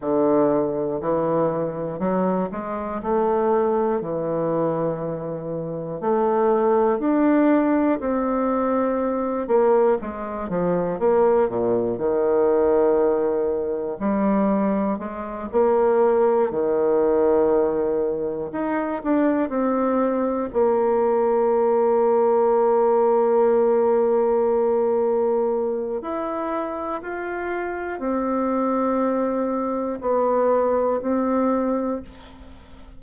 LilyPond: \new Staff \with { instrumentName = "bassoon" } { \time 4/4 \tempo 4 = 60 d4 e4 fis8 gis8 a4 | e2 a4 d'4 | c'4. ais8 gis8 f8 ais8 ais,8 | dis2 g4 gis8 ais8~ |
ais8 dis2 dis'8 d'8 c'8~ | c'8 ais2.~ ais8~ | ais2 e'4 f'4 | c'2 b4 c'4 | }